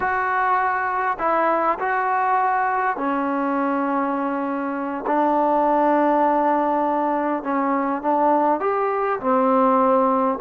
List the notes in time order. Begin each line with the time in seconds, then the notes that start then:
0.00 F#4
1.19 E4
1.79 F#4
2.96 C#4
5.06 D4
7.43 C#4
8.01 D4
8.60 G4
9.19 C4